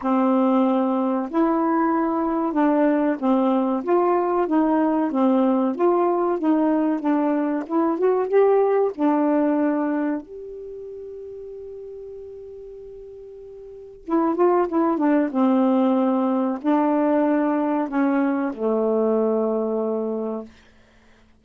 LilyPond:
\new Staff \with { instrumentName = "saxophone" } { \time 4/4 \tempo 4 = 94 c'2 e'2 | d'4 c'4 f'4 dis'4 | c'4 f'4 dis'4 d'4 | e'8 fis'8 g'4 d'2 |
g'1~ | g'2 e'8 f'8 e'8 d'8 | c'2 d'2 | cis'4 a2. | }